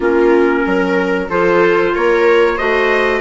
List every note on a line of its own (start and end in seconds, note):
0.00 0.64 A#3
0.00 1.29 C#4
0.00 0.63 F4
0.00 1.30 A#4
0.65 1.29 F#3
0.65 1.28 A#4
1.28 1.93 F3
1.28 2.58 F4
1.28 1.93 A4
1.28 1.94 C5
1.94 2.59 A#3
1.94 2.55 A#4
1.94 2.58 C#5
2.55 3.21 A3
2.55 3.21 F#4
2.55 3.20 C5
2.55 3.21 D#5